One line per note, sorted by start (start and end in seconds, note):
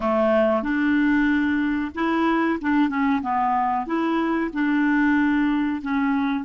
0.00 0.62 A3
0.62 1.91 D4
1.94 2.59 E4
2.61 2.89 D4
2.89 3.21 C#4
3.22 3.86 B3
3.86 4.50 E4
4.53 5.81 D4
5.81 6.44 C#4